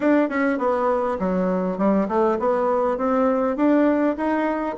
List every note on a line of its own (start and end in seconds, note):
0.00 0.29 D4
0.29 0.58 C#4
0.58 1.17 B3
1.19 1.77 F#3
1.77 2.07 G3
2.08 2.38 A3
2.39 2.97 B3
2.97 3.56 C4
3.56 4.16 D4
4.16 4.76 D#4